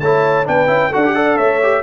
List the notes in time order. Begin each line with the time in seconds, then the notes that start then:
0.00 A3 E4 C#5 A5
0.45 B3 D4 B4 G5
0.67 C#4 E4
0.90 D4 F#4 A4 F#5
1.05 G4
1.15 A4 D5
1.37 A3 C#5 E5
1.63 G4